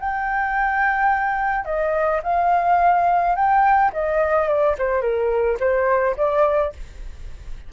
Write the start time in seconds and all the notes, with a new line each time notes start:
0.00 G5
1.65 D#5
2.23 F5
3.35 G5
3.93 D#5
4.48 D5
4.78 C5
5.01 A#4
5.60 C5
6.17 D5